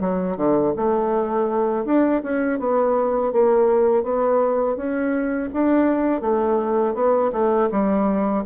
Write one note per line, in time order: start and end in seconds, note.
0.00 0.37 F#3
0.37 0.73 D3
0.76 1.85 A3
1.85 2.21 D4
2.23 2.59 C#4
2.59 3.32 B3
3.32 4.03 A#3
4.03 4.76 B3
4.76 5.49 C#4
5.53 6.21 D4
6.21 6.94 A3
6.94 7.31 B3
7.32 7.69 A3
7.71 8.44 G3